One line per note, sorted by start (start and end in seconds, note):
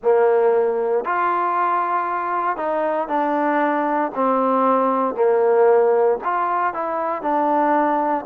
0.03 1.04 A#3
1.04 2.56 F4
2.56 3.08 D#4
3.08 4.11 D4
4.14 5.14 C4
5.14 6.18 A#3
6.24 6.73 F4
6.73 7.21 E4
7.21 8.25 D4